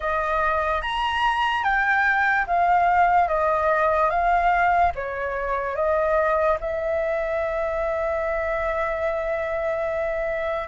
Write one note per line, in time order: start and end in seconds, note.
0.00 0.81 D#5
0.81 1.63 A#5
1.63 2.45 G5
2.47 3.28 F5
3.28 4.09 D#5
4.09 4.92 F5
4.95 5.75 C#5
5.75 6.58 D#5
6.60 10.68 E5